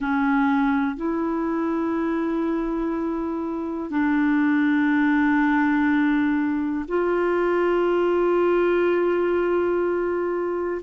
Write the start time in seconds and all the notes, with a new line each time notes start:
0.00 C#4
0.96 E4
3.90 D4
6.88 F4